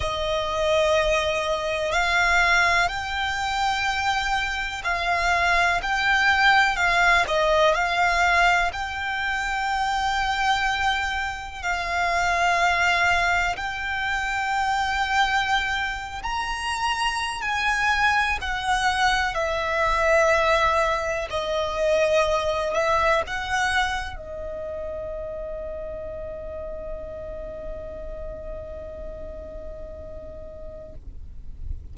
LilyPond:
\new Staff \with { instrumentName = "violin" } { \time 4/4 \tempo 4 = 62 dis''2 f''4 g''4~ | g''4 f''4 g''4 f''8 dis''8 | f''4 g''2. | f''2 g''2~ |
g''8. ais''4~ ais''16 gis''4 fis''4 | e''2 dis''4. e''8 | fis''4 dis''2.~ | dis''1 | }